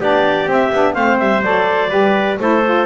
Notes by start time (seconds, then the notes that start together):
0.00 B3 D4 G4 D5
0.46 C4 E5
0.72 B3 D4
0.94 A3 C4 C5 F5
1.19 G3 E5
1.43 F#3 A4 D5
1.89 G3 G4 B4
2.39 A3 E4 A4 C5
2.65 F4